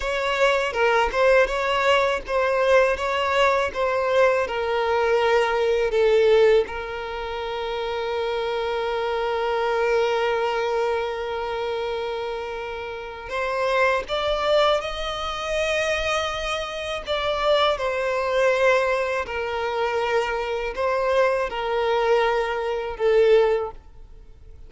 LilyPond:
\new Staff \with { instrumentName = "violin" } { \time 4/4 \tempo 4 = 81 cis''4 ais'8 c''8 cis''4 c''4 | cis''4 c''4 ais'2 | a'4 ais'2.~ | ais'1~ |
ais'2 c''4 d''4 | dis''2. d''4 | c''2 ais'2 | c''4 ais'2 a'4 | }